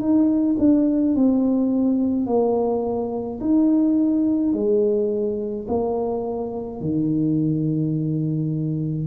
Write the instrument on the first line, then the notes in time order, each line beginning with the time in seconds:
tuba
0.00 D#4
0.59 D4
1.16 C4
2.27 A#3
3.41 D#4
4.54 G#3
5.69 A#3
6.81 D#3